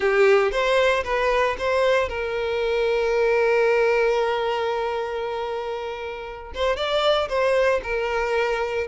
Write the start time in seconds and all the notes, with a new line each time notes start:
0.00 G4
0.51 C5
1.04 B4
1.58 C5
2.09 A#4
6.54 C5
6.76 D5
7.28 C5
7.83 A#4